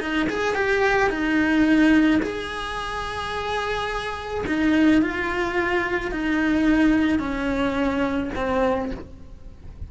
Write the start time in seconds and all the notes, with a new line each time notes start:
0.00 D#4
0.29 G#4
0.55 G4
1.10 D#4
2.22 G#4
4.47 D#4
5.02 F4
6.11 D#4
7.19 C#4
8.36 C4